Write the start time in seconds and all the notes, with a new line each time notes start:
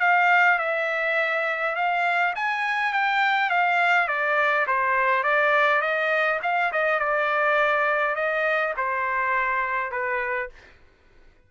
0.00 F5
0.58 E5
1.75 F5
2.35 G#5
2.92 G5
3.49 F5
4.08 D5
4.67 C5
5.23 D5
5.81 D#5
6.42 F5
6.72 D#5
6.99 D5
8.15 D#5
8.77 C5
9.91 B4